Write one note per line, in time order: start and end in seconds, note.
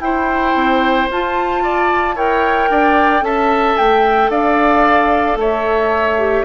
0.00 0.54 E4
0.00 1.09 E4
0.00 1.63 C5
0.00 1.08 G5
0.55 1.09 C4
1.10 2.15 F4
1.10 2.16 F4
1.10 2.18 A5
1.63 2.15 D5
2.15 2.69 E4
2.15 3.22 A#4
2.15 2.69 C#5
2.15 3.24 G5
2.70 3.22 D4
2.70 3.24 D5
3.22 3.75 C#4
3.22 6.17 A4
3.22 4.31 E5
3.22 3.77 A5
3.77 4.29 A3
3.77 4.31 G5
4.29 5.36 D4
4.29 5.38 D5
4.29 5.38 F5
5.36 6.43 A3
5.36 6.45 C#5
5.36 6.45 E5
6.18 6.45 G4